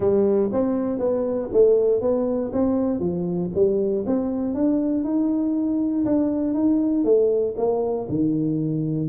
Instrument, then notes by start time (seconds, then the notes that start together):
tuba
0.00 G3
0.52 C4
0.98 B3
1.52 A3
2.01 B3
2.52 C4
2.99 F3
3.54 G3
4.06 C4
4.54 D4
5.04 D#4
6.05 D4
6.54 D#4
7.04 A3
7.57 A#3
8.09 D#3